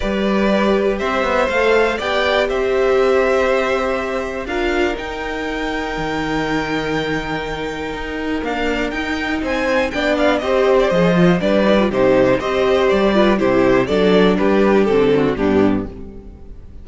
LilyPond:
<<
  \new Staff \with { instrumentName = "violin" } { \time 4/4 \tempo 4 = 121 d''2 e''4 f''4 | g''4 e''2.~ | e''4 f''4 g''2~ | g''1~ |
g''4 f''4 g''4 gis''4 | g''8 f''8 dis''8. d''16 dis''4 d''4 | c''4 dis''4 d''4 c''4 | d''4 b'4 a'4 g'4 | }
  \new Staff \with { instrumentName = "violin" } { \time 4/4 b'2 c''2 | d''4 c''2.~ | c''4 ais'2.~ | ais'1~ |
ais'2. c''4 | d''4 c''2 b'4 | g'4 c''4. b'8 g'4 | a'4 g'4. fis'8 d'4 | }
  \new Staff \with { instrumentName = "viola" } { \time 4/4 g'2. a'4 | g'1~ | g'4 f'4 dis'2~ | dis'1~ |
dis'4 ais4 dis'2 | d'4 g'4 gis'8 f'8 d'8 dis'16 f'16 | dis'4 g'4. f'8 e'4 | d'2 c'4 b4 | }
  \new Staff \with { instrumentName = "cello" } { \time 4/4 g2 c'8 b8 a4 | b4 c'2.~ | c'4 d'4 dis'2 | dis1 |
dis'4 d'4 dis'4 c'4 | b4 c'4 f4 g4 | c4 c'4 g4 c4 | fis4 g4 d4 g,4 | }
>>